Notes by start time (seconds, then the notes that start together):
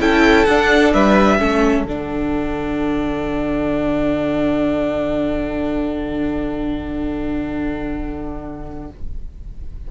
0.00 C#4 E4 A4 G5
0.45 D4 F#5
0.93 G3 B4 E5
1.39 A3 C#4 A4
1.85 D3 D4 F#5